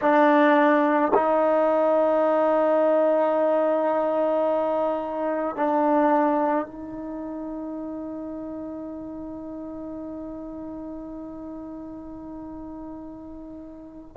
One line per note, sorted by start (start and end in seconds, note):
0.01 1.12 D4
1.14 5.56 D#4
5.56 6.66 D4
6.66 14.16 D#4